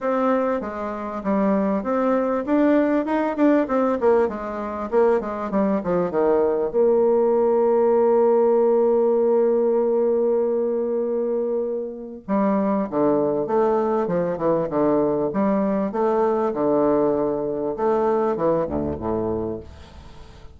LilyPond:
\new Staff \with { instrumentName = "bassoon" } { \time 4/4 \tempo 4 = 98 c'4 gis4 g4 c'4 | d'4 dis'8 d'8 c'8 ais8 gis4 | ais8 gis8 g8 f8 dis4 ais4~ | ais1~ |
ais1 | g4 d4 a4 f8 e8 | d4 g4 a4 d4~ | d4 a4 e8 d,8 a,4 | }